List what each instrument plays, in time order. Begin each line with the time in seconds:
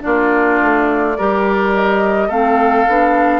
0.00 bassoon A#3, clarinet D4, oboe F4, flute D5
0.61 bassoon A3
1.17 bassoon G3, clarinet G4, oboe A#4
1.74 flute D#5
2.27 bassoon A3, clarinet C4, oboe A4, flute F5
2.87 bassoon B3, clarinet D4